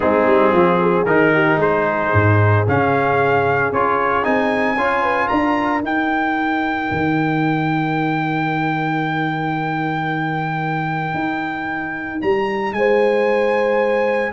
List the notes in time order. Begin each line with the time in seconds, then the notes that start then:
0.00 G#3 C4 D#4 G#4
0.26 G3
0.52 F3 F4
0.82 G#4
1.05 D#3 D#4 A#4
1.33 G4
1.56 G#3 G#4 C5
2.13 G#2
2.66 C#3 C#4 F5
3.71 C#4 F4 C#5
4.23 C4 D#4 G#5
4.75 C#4 F4 C#5
5.02 B4
5.28 D4 A#4 A#5
5.82 D#4 G5
6.91 D#3
11.14 D#4
12.21 G3 A#5
12.72 G#3 C5 G#5